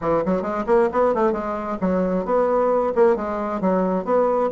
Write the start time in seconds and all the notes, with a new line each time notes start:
0.01 E3
0.25 F#3
0.42 G#3
0.66 A#3
0.92 B3
1.14 A3
1.32 G#3
1.80 F#3
2.25 B3
2.95 A#3
3.16 G#3
3.60 F#3
4.05 B3